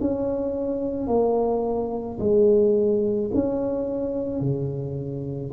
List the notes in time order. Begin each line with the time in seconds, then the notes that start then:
0.00 C#4
1.07 A#3
2.20 G#3
3.34 C#4
4.40 C#3